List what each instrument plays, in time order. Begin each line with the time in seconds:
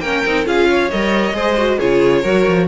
0.00 cello A#3, viola C#4, violin A#4 G5
0.26 cello C4, viola D#4
0.45 cello C#4, viola F4, violin G#4 F5
0.70 violin C#5
0.90 cello G3, viola A#4, violin D#5
1.34 cello G#3, viola G#4, violin C5
1.57 viola F#4
1.78 cello C#3, viola F4, violin G#4 C#5
2.22 cello F#3, viola F#4, violin A#4
2.47 cello F3